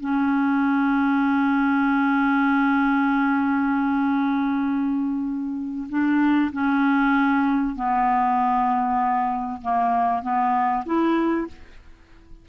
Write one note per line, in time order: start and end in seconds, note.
0.00 5.88 C#4
5.89 6.51 D4
6.52 7.75 C#4
7.75 9.61 B3
9.61 10.22 A#3
10.22 10.84 B3
10.85 11.47 E4